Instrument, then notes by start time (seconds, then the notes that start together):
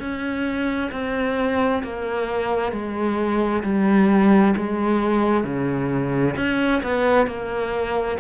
cello
0.00 C#4
0.92 C4
1.83 A#3
2.72 G#3
3.64 G3
4.57 G#3
5.44 C#3
6.36 C#4
6.83 B3
7.27 A#3